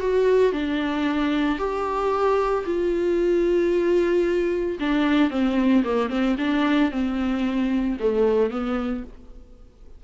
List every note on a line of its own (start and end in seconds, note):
0.00 0.53 F#4
0.53 1.59 D4
1.59 2.65 G4
2.66 4.78 F4
4.80 5.30 D4
5.30 5.84 C4
5.84 6.10 A#3
6.10 6.36 C4
6.38 6.91 D4
6.91 7.98 C4
8.00 8.51 A3
8.51 9.04 B3